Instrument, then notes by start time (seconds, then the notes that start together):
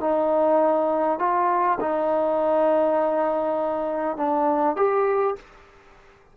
trombone
0.00 D#4
1.19 F4
1.80 D#4
4.17 D4
4.76 G4